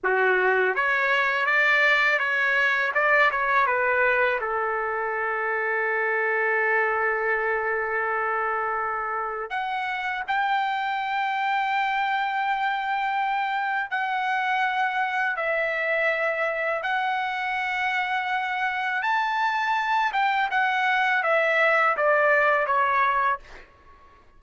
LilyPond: \new Staff \with { instrumentName = "trumpet" } { \time 4/4 \tempo 4 = 82 fis'4 cis''4 d''4 cis''4 | d''8 cis''8 b'4 a'2~ | a'1~ | a'4 fis''4 g''2~ |
g''2. fis''4~ | fis''4 e''2 fis''4~ | fis''2 a''4. g''8 | fis''4 e''4 d''4 cis''4 | }